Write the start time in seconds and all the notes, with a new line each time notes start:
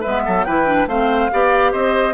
0.00 G#3 B4 E5
0.07 B3
0.25 F#3 A4
0.44 E3 E4 B4 G5
0.66 D4
0.86 A3 C4 C5 F5
1.31 B3 G4 D5
1.72 C4 C5 D#5